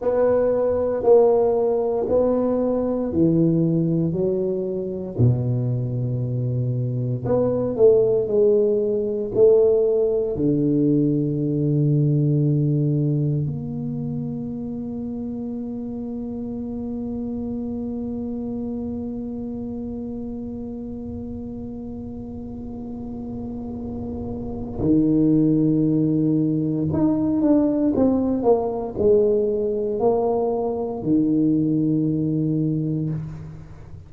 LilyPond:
\new Staff \with { instrumentName = "tuba" } { \time 4/4 \tempo 4 = 58 b4 ais4 b4 e4 | fis4 b,2 b8 a8 | gis4 a4 d2~ | d4 ais2.~ |
ais1~ | ais1 | dis2 dis'8 d'8 c'8 ais8 | gis4 ais4 dis2 | }